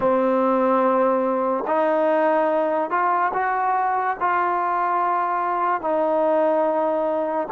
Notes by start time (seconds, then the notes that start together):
0.00 C4
1.67 D#4
2.90 F4
3.33 F#4
4.20 F4
5.81 D#4